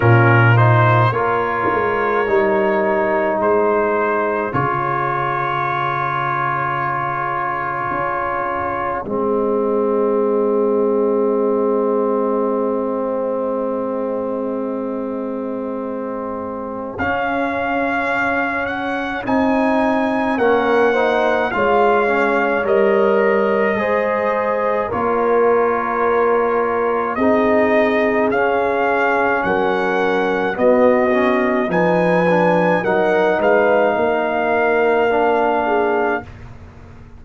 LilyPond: <<
  \new Staff \with { instrumentName = "trumpet" } { \time 4/4 \tempo 4 = 53 ais'8 c''8 cis''2 c''4 | cis''1 | dis''1~ | dis''2. f''4~ |
f''8 fis''8 gis''4 fis''4 f''4 | dis''2 cis''2 | dis''4 f''4 fis''4 dis''4 | gis''4 fis''8 f''2~ f''8 | }
  \new Staff \with { instrumentName = "horn" } { \time 4/4 f'4 ais'2 gis'4~ | gis'1~ | gis'1~ | gis'1~ |
gis'2 ais'8 c''8 cis''4~ | cis''4 c''4 ais'2 | gis'2 ais'4 fis'4 | b'4 ais'8 b'8 ais'4. gis'8 | }
  \new Staff \with { instrumentName = "trombone" } { \time 4/4 cis'8 dis'8 f'4 dis'2 | f'1 | c'1~ | c'2. cis'4~ |
cis'4 dis'4 cis'8 dis'8 f'8 cis'8 | ais'4 gis'4 f'2 | dis'4 cis'2 b8 cis'8 | dis'8 d'8 dis'2 d'4 | }
  \new Staff \with { instrumentName = "tuba" } { \time 4/4 ais,4 ais8 gis8 g4 gis4 | cis2. cis'4 | gis1~ | gis2. cis'4~ |
cis'4 c'4 ais4 gis4 | g4 gis4 ais2 | c'4 cis'4 fis4 b4 | f4 fis8 gis8 ais2 | }
>>